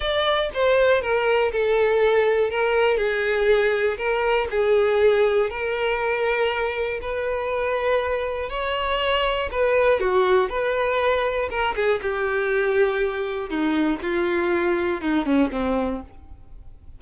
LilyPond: \new Staff \with { instrumentName = "violin" } { \time 4/4 \tempo 4 = 120 d''4 c''4 ais'4 a'4~ | a'4 ais'4 gis'2 | ais'4 gis'2 ais'4~ | ais'2 b'2~ |
b'4 cis''2 b'4 | fis'4 b'2 ais'8 gis'8 | g'2. dis'4 | f'2 dis'8 cis'8 c'4 | }